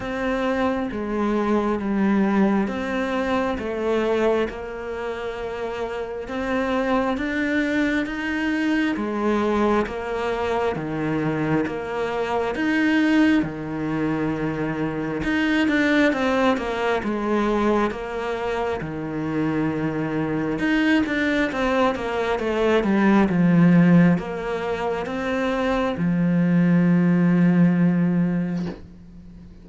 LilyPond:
\new Staff \with { instrumentName = "cello" } { \time 4/4 \tempo 4 = 67 c'4 gis4 g4 c'4 | a4 ais2 c'4 | d'4 dis'4 gis4 ais4 | dis4 ais4 dis'4 dis4~ |
dis4 dis'8 d'8 c'8 ais8 gis4 | ais4 dis2 dis'8 d'8 | c'8 ais8 a8 g8 f4 ais4 | c'4 f2. | }